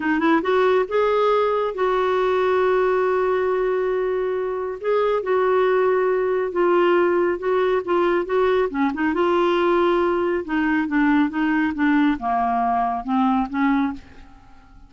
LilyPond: \new Staff \with { instrumentName = "clarinet" } { \time 4/4 \tempo 4 = 138 dis'8 e'8 fis'4 gis'2 | fis'1~ | fis'2. gis'4 | fis'2. f'4~ |
f'4 fis'4 f'4 fis'4 | cis'8 dis'8 f'2. | dis'4 d'4 dis'4 d'4 | ais2 c'4 cis'4 | }